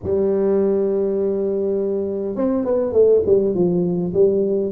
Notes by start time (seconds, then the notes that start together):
0.03 G3
2.35 C4
2.64 B3
2.92 A3
3.26 G3
3.54 F3
4.13 G3